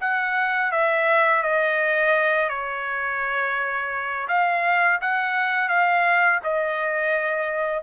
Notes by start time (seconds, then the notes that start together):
0.00 F#5
0.71 E5
1.43 D#5
2.49 C#5
4.28 F5
5.01 F#5
5.69 F5
6.44 D#5